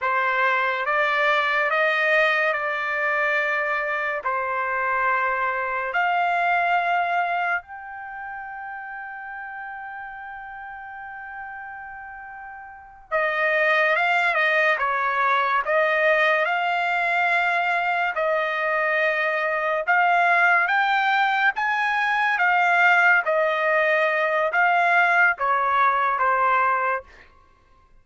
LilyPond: \new Staff \with { instrumentName = "trumpet" } { \time 4/4 \tempo 4 = 71 c''4 d''4 dis''4 d''4~ | d''4 c''2 f''4~ | f''4 g''2.~ | g''2.~ g''8 dis''8~ |
dis''8 f''8 dis''8 cis''4 dis''4 f''8~ | f''4. dis''2 f''8~ | f''8 g''4 gis''4 f''4 dis''8~ | dis''4 f''4 cis''4 c''4 | }